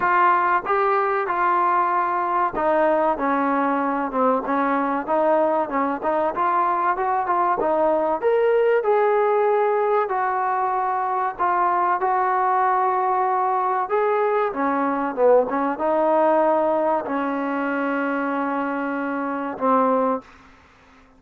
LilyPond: \new Staff \with { instrumentName = "trombone" } { \time 4/4 \tempo 4 = 95 f'4 g'4 f'2 | dis'4 cis'4. c'8 cis'4 | dis'4 cis'8 dis'8 f'4 fis'8 f'8 | dis'4 ais'4 gis'2 |
fis'2 f'4 fis'4~ | fis'2 gis'4 cis'4 | b8 cis'8 dis'2 cis'4~ | cis'2. c'4 | }